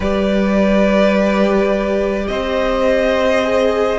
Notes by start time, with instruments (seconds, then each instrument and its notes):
0.00 cello G3, viola G4, violin B4 D5
2.27 cello C4, violin C5 D#5
3.43 viola G#4